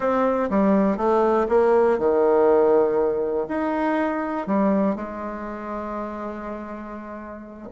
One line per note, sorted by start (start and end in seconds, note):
0.00 0.49 C4
0.50 0.97 G3
0.97 1.46 A3
1.48 1.98 A#3
1.98 3.47 D#3
3.48 4.47 D#4
4.47 4.95 G3
4.95 7.68 G#3